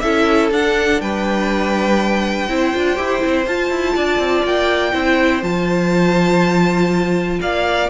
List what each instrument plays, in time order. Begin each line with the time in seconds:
0.00 cello C#4, viola E4, violin A4 E5
0.51 cello D4, viola D4, violin F#5
1.01 cello G3, violin B4 G5
2.49 cello C4, viola E4, violin C5
2.73 cello D4, viola F4
2.96 cello E4, viola G4
3.21 cello C4, viola E4
3.47 cello F4, viola F4, violin A5
3.71 cello E4
3.96 cello D4, violin D5
4.19 cello C4
4.44 cello A#3, violin G5
4.93 cello C4, viola E4, violin C5
5.43 cello F3, viola F4, violin A5
7.42 cello A#3, violin D5 F5